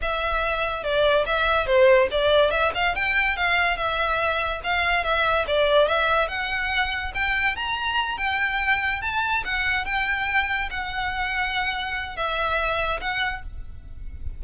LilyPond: \new Staff \with { instrumentName = "violin" } { \time 4/4 \tempo 4 = 143 e''2 d''4 e''4 | c''4 d''4 e''8 f''8 g''4 | f''4 e''2 f''4 | e''4 d''4 e''4 fis''4~ |
fis''4 g''4 ais''4. g''8~ | g''4. a''4 fis''4 g''8~ | g''4. fis''2~ fis''8~ | fis''4 e''2 fis''4 | }